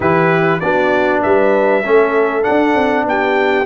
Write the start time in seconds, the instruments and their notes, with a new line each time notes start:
0.00 tuba E3, trombone E4, horn G4, trumpet B4
0.59 tuba B3, trombone D4, horn F#4, trumpet D5
1.22 tuba G3, horn B4, trumpet E5
1.83 tuba A3, trombone C#4, horn A4
2.42 trombone D4, trumpet F#5
2.48 tuba D4
2.74 tuba C4
3.04 tuba B3, horn G4, trumpet G5